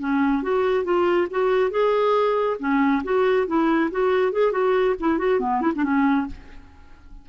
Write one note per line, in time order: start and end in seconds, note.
0.00 0.43 C#4
0.43 0.84 F#4
0.84 1.28 F4
1.31 1.71 F#4
1.71 2.57 G#4
2.60 3.03 C#4
3.04 3.47 F#4
3.47 3.90 E4
3.91 4.33 F#4
4.33 4.52 G#4
4.52 4.95 F#4
5.00 5.18 E4
5.18 5.40 F#4
5.40 5.62 B3
5.62 5.72 E4
5.75 5.84 D4
5.84 6.27 C#4